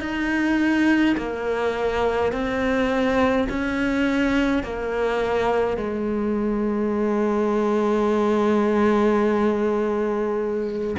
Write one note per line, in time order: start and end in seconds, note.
0.00 1.15 D#4
1.17 2.32 A#3
2.32 3.48 C4
3.49 4.63 C#4
4.63 5.76 A#3
5.76 10.96 G#3